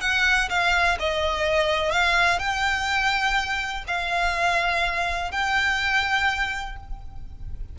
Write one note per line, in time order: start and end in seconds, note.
0.00 0.48 F#5
0.49 0.97 F5
0.99 1.91 D#5
1.91 2.39 F5
2.39 3.84 G5
3.87 5.31 F5
5.31 6.76 G5